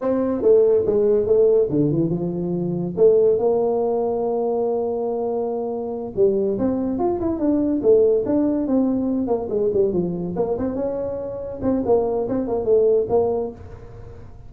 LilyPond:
\new Staff \with { instrumentName = "tuba" } { \time 4/4 \tempo 4 = 142 c'4 a4 gis4 a4 | d8 e8 f2 a4 | ais1~ | ais2~ ais8 g4 c'8~ |
c'8 f'8 e'8 d'4 a4 d'8~ | d'8 c'4. ais8 gis8 g8 f8~ | f8 ais8 c'8 cis'2 c'8 | ais4 c'8 ais8 a4 ais4 | }